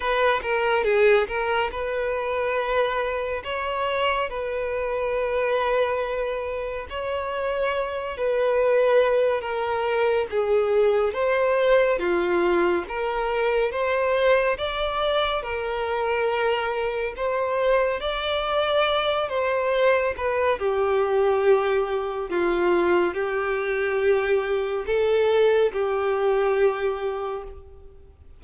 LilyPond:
\new Staff \with { instrumentName = "violin" } { \time 4/4 \tempo 4 = 70 b'8 ais'8 gis'8 ais'8 b'2 | cis''4 b'2. | cis''4. b'4. ais'4 | gis'4 c''4 f'4 ais'4 |
c''4 d''4 ais'2 | c''4 d''4. c''4 b'8 | g'2 f'4 g'4~ | g'4 a'4 g'2 | }